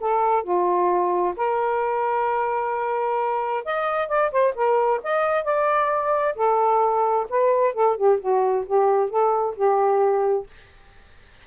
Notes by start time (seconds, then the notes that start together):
0.00 A4
0.43 F4
1.37 A#4
3.65 D#5
4.08 D5
4.31 C5
4.55 A#4
5.03 D#5
5.44 D5
6.36 A4
7.29 B4
7.74 A4
7.97 G4
8.20 F#4
8.66 G4
9.10 A4
9.56 G4